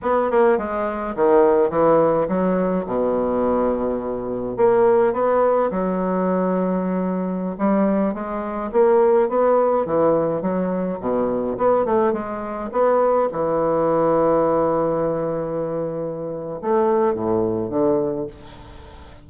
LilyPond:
\new Staff \with { instrumentName = "bassoon" } { \time 4/4 \tempo 4 = 105 b8 ais8 gis4 dis4 e4 | fis4 b,2. | ais4 b4 fis2~ | fis4~ fis16 g4 gis4 ais8.~ |
ais16 b4 e4 fis4 b,8.~ | b,16 b8 a8 gis4 b4 e8.~ | e1~ | e4 a4 a,4 d4 | }